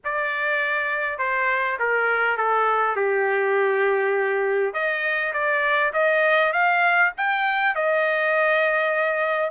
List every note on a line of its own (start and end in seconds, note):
0.04 1.18 D5
1.18 1.77 C5
1.79 2.37 A#4
2.37 2.96 A4
2.96 4.73 G4
4.73 5.32 D#5
5.33 5.92 D5
5.93 6.52 D#5
6.52 7.12 F5
7.17 7.75 G5
7.75 9.50 D#5